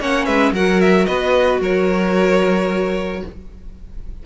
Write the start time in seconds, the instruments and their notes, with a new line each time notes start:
0.00 cello A#3, viola C#4, violin C#5 F#5
0.25 cello G#3, violin B4 E5
0.52 cello F#3, viola F#4, violin A#4 F#5
0.81 violin E5
1.05 cello B3, violin B4 D#5
1.60 cello F#3, violin A#4 C#5